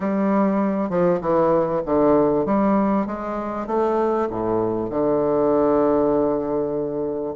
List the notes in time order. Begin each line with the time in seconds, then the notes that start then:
0.00 G3
0.89 F3
1.20 E3
1.85 D3
2.45 G3
3.06 G#3
3.67 A3
4.30 A2
4.90 D3